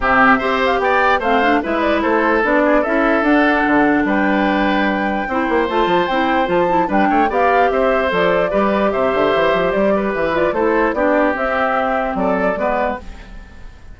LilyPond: <<
  \new Staff \with { instrumentName = "flute" } { \time 4/4 \tempo 4 = 148 e''4. f''8 g''4 f''4 | e''8 d''8 c''4 d''4 e''4 | fis''2 g''2~ | g''2 a''4 g''4 |
a''4 g''4 f''4 e''4 | d''2 e''2 | d''4 e''8 d''8 c''4 d''4 | e''2 d''2 | }
  \new Staff \with { instrumentName = "oboe" } { \time 4/4 g'4 c''4 d''4 c''4 | b'4 a'4. gis'8 a'4~ | a'2 b'2~ | b'4 c''2.~ |
c''4 b'8 cis''8 d''4 c''4~ | c''4 b'4 c''2~ | c''8 b'4. a'4 g'4~ | g'2 a'4 b'4 | }
  \new Staff \with { instrumentName = "clarinet" } { \time 4/4 c'4 g'2 c'8 d'8 | e'2 d'4 e'4 | d'1~ | d'4 e'4 f'4 e'4 |
f'8 e'8 d'4 g'2 | a'4 g'2.~ | g'4. f'8 e'4 d'4 | c'2. b4 | }
  \new Staff \with { instrumentName = "bassoon" } { \time 4/4 c4 c'4 b4 a4 | gis4 a4 b4 cis'4 | d'4 d4 g2~ | g4 c'8 ais8 a8 f8 c'4 |
f4 g8 a8 b4 c'4 | f4 g4 c8 d8 e8 f8 | g4 e4 a4 b4 | c'2 fis4 gis4 | }
>>